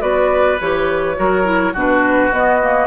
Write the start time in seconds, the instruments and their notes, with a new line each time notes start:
0.00 bassoon B3, clarinet F#4, oboe B4, flute D5
0.60 bassoon E3, clarinet G4, flute C#5
1.16 bassoon F#3, clarinet F#4, oboe A#4
1.44 clarinet E4
1.74 bassoon B2, clarinet D4, oboe F#4, flute B4
2.32 clarinet B3, bassoon B3, flute D#5
2.61 clarinet A#3